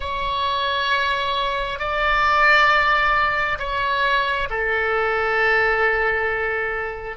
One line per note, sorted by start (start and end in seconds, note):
0.00 1.79 C#5
1.79 3.58 D5
3.59 4.48 C#5
4.50 7.16 A4